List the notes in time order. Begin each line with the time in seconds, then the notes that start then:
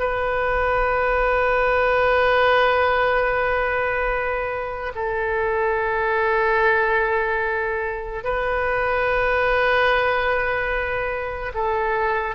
0.00 B4
4.96 A4
8.24 B4
11.55 A4